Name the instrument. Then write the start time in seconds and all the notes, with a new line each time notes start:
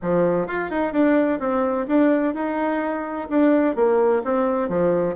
bassoon
0.01 F3
0.47 F4
0.70 D#4
0.92 D4
1.39 C4
1.87 D4
2.34 D#4
3.29 D4
3.75 A#3
4.24 C4
4.68 F3